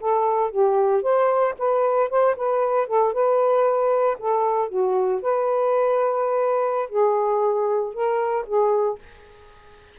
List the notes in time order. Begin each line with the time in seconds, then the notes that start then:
0.00 A4
0.51 G4
1.02 C5
1.58 B4
2.10 C5
2.37 B4
2.87 A4
3.13 B4
4.19 A4
4.69 F#4
5.22 B4
6.89 G#4
7.94 A#4
8.46 G#4